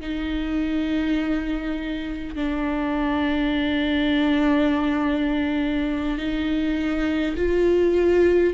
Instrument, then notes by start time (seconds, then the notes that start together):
viola
0.00 D#4
2.35 D4
6.18 D#4
7.36 F4